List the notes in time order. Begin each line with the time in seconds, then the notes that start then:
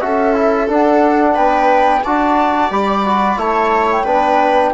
0.00 C#4 F#4 A4 E5
0.33 E4
0.68 D4 F#5
1.34 B3 B4 G5
2.03 D4 F#4 D5 A5
2.70 G3 G4 B5
3.05 F#4
3.37 A3 E4 C#5 A5
3.91 G5
4.04 B3 D4 B4